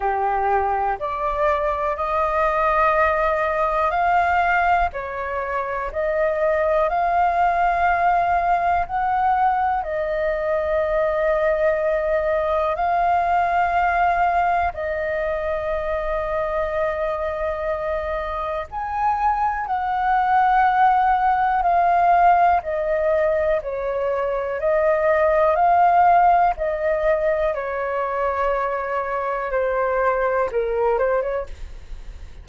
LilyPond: \new Staff \with { instrumentName = "flute" } { \time 4/4 \tempo 4 = 61 g'4 d''4 dis''2 | f''4 cis''4 dis''4 f''4~ | f''4 fis''4 dis''2~ | dis''4 f''2 dis''4~ |
dis''2. gis''4 | fis''2 f''4 dis''4 | cis''4 dis''4 f''4 dis''4 | cis''2 c''4 ais'8 c''16 cis''16 | }